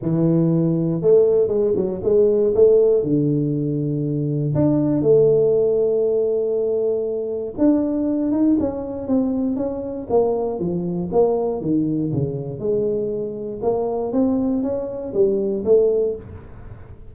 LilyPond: \new Staff \with { instrumentName = "tuba" } { \time 4/4 \tempo 4 = 119 e2 a4 gis8 fis8 | gis4 a4 d2~ | d4 d'4 a2~ | a2. d'4~ |
d'8 dis'8 cis'4 c'4 cis'4 | ais4 f4 ais4 dis4 | cis4 gis2 ais4 | c'4 cis'4 g4 a4 | }